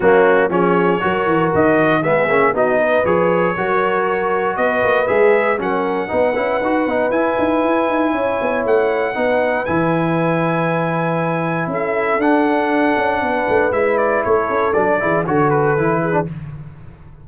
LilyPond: <<
  \new Staff \with { instrumentName = "trumpet" } { \time 4/4 \tempo 4 = 118 fis'4 cis''2 dis''4 | e''4 dis''4 cis''2~ | cis''4 dis''4 e''4 fis''4~ | fis''2 gis''2~ |
gis''4 fis''2 gis''4~ | gis''2. e''4 | fis''2. e''8 d''8 | cis''4 d''4 cis''8 b'4. | }
  \new Staff \with { instrumentName = "horn" } { \time 4/4 cis'4 gis'4 ais'2 | gis'4 fis'8 b'4. ais'4~ | ais'4 b'2 ais'4 | b'1 |
cis''2 b'2~ | b'2. a'4~ | a'2 b'2 | a'4. gis'8 a'4. gis'8 | }
  \new Staff \with { instrumentName = "trombone" } { \time 4/4 ais4 cis'4 fis'2 | b8 cis'8 dis'4 gis'4 fis'4~ | fis'2 gis'4 cis'4 | dis'8 e'8 fis'8 dis'8 e'2~ |
e'2 dis'4 e'4~ | e'1 | d'2. e'4~ | e'4 d'8 e'8 fis'4 e'8. d'16 | }
  \new Staff \with { instrumentName = "tuba" } { \time 4/4 fis4 f4 fis8 e8 dis4 | gis8 ais8 b4 f4 fis4~ | fis4 b8 ais8 gis4 fis4 | b8 cis'8 dis'8 b8 e'8 dis'8 e'8 dis'8 |
cis'8 b8 a4 b4 e4~ | e2. cis'4 | d'4. cis'8 b8 a8 gis4 | a8 cis'8 fis8 e8 d4 e4 | }
>>